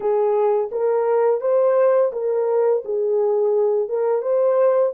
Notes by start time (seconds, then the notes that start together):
0.00 G#4
0.71 A#4
1.41 C5
2.12 A#4
2.84 G#4
3.88 A#4
4.22 C5